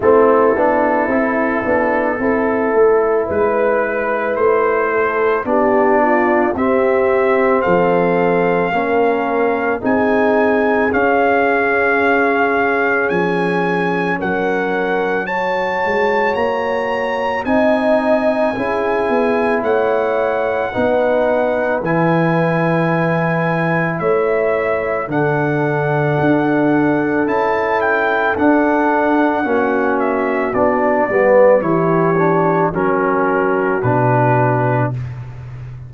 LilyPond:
<<
  \new Staff \with { instrumentName = "trumpet" } { \time 4/4 \tempo 4 = 55 a'2. b'4 | c''4 d''4 e''4 f''4~ | f''4 gis''4 f''2 | gis''4 fis''4 a''4 ais''4 |
gis''2 fis''2 | gis''2 e''4 fis''4~ | fis''4 a''8 g''8 fis''4. e''8 | d''4 cis''4 ais'4 b'4 | }
  \new Staff \with { instrumentName = "horn" } { \time 4/4 e'2 a'4 b'4~ | b'8 a'8 g'8 f'8 g'4 a'4 | ais'4 gis'2.~ | gis'4 ais'4 cis''2 |
dis''4 gis'4 cis''4 b'4~ | b'2 cis''4 a'4~ | a'2. fis'4~ | fis'8 b'8 g'4 fis'2 | }
  \new Staff \with { instrumentName = "trombone" } { \time 4/4 c'8 d'8 e'8 d'8 e'2~ | e'4 d'4 c'2 | cis'4 dis'4 cis'2~ | cis'2 fis'2 |
dis'4 e'2 dis'4 | e'2. d'4~ | d'4 e'4 d'4 cis'4 | d'8 b8 e'8 d'8 cis'4 d'4 | }
  \new Staff \with { instrumentName = "tuba" } { \time 4/4 a8 b8 c'8 b8 c'8 a8 gis4 | a4 b4 c'4 f4 | ais4 c'4 cis'2 | f4 fis4. gis8 ais4 |
c'4 cis'8 b8 a4 b4 | e2 a4 d4 | d'4 cis'4 d'4 ais4 | b8 g8 e4 fis4 b,4 | }
>>